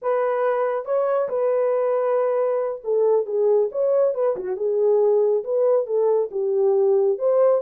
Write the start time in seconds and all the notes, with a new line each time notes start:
0.02 B4
0.85 C#5
1.28 B4
2.84 A4
3.26 G#4
3.71 C#5
4.14 B4
4.36 F#4
4.56 G#4
5.44 B4
5.86 A4
6.31 G4
7.18 C5